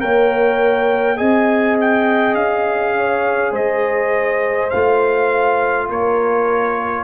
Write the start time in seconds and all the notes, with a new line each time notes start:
0.00 A#3 A#4 C#5 G5
1.16 C4 G#4 D#5 G#5
1.81 G5
2.35 C#4 F5
2.97 C#5
3.51 G#3 C5 D#5
4.70 A3 F4 F5
5.89 A#3 A#4 C#5